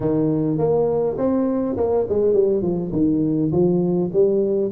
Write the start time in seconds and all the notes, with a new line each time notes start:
0.00 D#3
0.57 A#3
1.17 C4
1.76 A#3
2.09 G#3
2.33 G3
2.61 F3
2.92 D#3
3.52 F3
4.12 G3